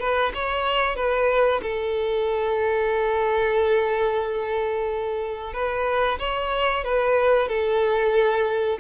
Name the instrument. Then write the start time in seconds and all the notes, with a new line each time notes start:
violin
0.00 B4
0.35 C#5
0.96 B4
1.63 A4
5.53 B4
6.19 C#5
6.84 B4
7.49 A4